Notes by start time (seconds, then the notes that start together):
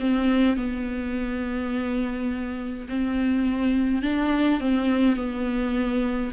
0.00 C4
0.57 B3
2.89 C4
4.03 D4
4.60 C4
5.17 B3